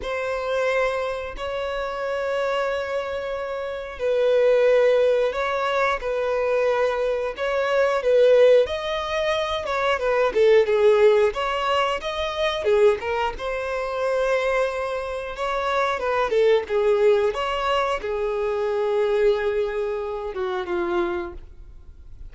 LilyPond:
\new Staff \with { instrumentName = "violin" } { \time 4/4 \tempo 4 = 90 c''2 cis''2~ | cis''2 b'2 | cis''4 b'2 cis''4 | b'4 dis''4. cis''8 b'8 a'8 |
gis'4 cis''4 dis''4 gis'8 ais'8 | c''2. cis''4 | b'8 a'8 gis'4 cis''4 gis'4~ | gis'2~ gis'8 fis'8 f'4 | }